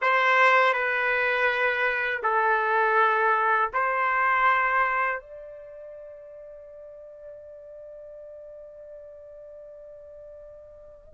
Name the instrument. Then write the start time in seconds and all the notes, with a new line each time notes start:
trumpet
0.01 C5
0.73 B4
2.22 A4
3.73 C5
5.20 D5